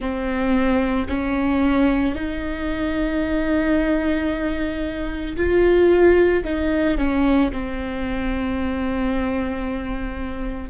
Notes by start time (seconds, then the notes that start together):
0.00 C4
1.08 C#4
2.14 D#4
5.36 F4
6.43 D#4
6.97 C#4
7.52 C4